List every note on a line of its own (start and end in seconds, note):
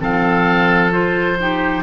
0.00 1.83 F3
0.00 0.92 C4
0.00 1.39 A4
0.00 0.92 F5
0.92 1.38 F4
0.92 1.83 C5
1.40 1.83 D#4
1.40 1.83 G4